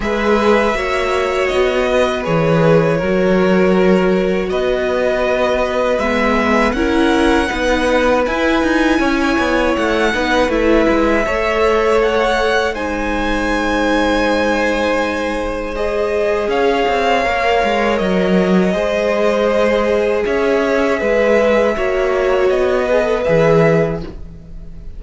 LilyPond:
<<
  \new Staff \with { instrumentName = "violin" } { \time 4/4 \tempo 4 = 80 e''2 dis''4 cis''4~ | cis''2 dis''2 | e''4 fis''2 gis''4~ | gis''4 fis''4 e''2 |
fis''4 gis''2.~ | gis''4 dis''4 f''2 | dis''2. e''4~ | e''2 dis''4 e''4 | }
  \new Staff \with { instrumentName = "violin" } { \time 4/4 b'4 cis''4. b'4. | ais'2 b'2~ | b'4 ais'4 b'2 | cis''4. b'4. cis''4~ |
cis''4 c''2.~ | c''2 cis''2~ | cis''4 c''2 cis''4 | b'4 cis''4. b'4. | }
  \new Staff \with { instrumentName = "viola" } { \time 4/4 gis'4 fis'2 gis'4 | fis'1 | b4 e'4 dis'4 e'4~ | e'4. dis'8 e'4 a'4~ |
a'4 dis'2.~ | dis'4 gis'2 ais'4~ | ais'4 gis'2.~ | gis'4 fis'4. gis'16 a'16 gis'4 | }
  \new Staff \with { instrumentName = "cello" } { \time 4/4 gis4 ais4 b4 e4 | fis2 b2 | gis4 cis'4 b4 e'8 dis'8 | cis'8 b8 a8 b8 a8 gis8 a4~ |
a4 gis2.~ | gis2 cis'8 c'8 ais8 gis8 | fis4 gis2 cis'4 | gis4 ais4 b4 e4 | }
>>